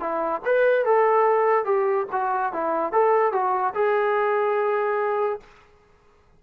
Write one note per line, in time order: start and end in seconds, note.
0.00 0.41 E4
0.45 0.85 B4
0.85 1.65 A4
1.65 2.06 G4
2.12 2.53 F#4
2.53 2.92 E4
2.92 3.32 A4
3.32 3.74 F#4
3.74 5.40 G#4